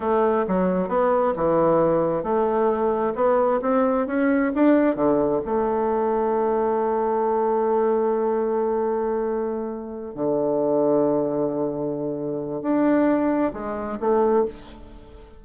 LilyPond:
\new Staff \with { instrumentName = "bassoon" } { \time 4/4 \tempo 4 = 133 a4 fis4 b4 e4~ | e4 a2 b4 | c'4 cis'4 d'4 d4 | a1~ |
a1~ | a2~ a8 d4.~ | d1 | d'2 gis4 a4 | }